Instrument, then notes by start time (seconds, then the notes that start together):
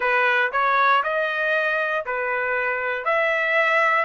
trumpet
0.00 B4
0.51 C#5
1.03 D#5
2.05 B4
3.04 E5